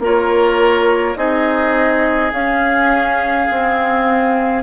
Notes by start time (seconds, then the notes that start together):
0.00 A#3 F4 A#4 C#5
1.16 C4 D#4 G#4 D#5
2.33 C#4 F5
3.50 C4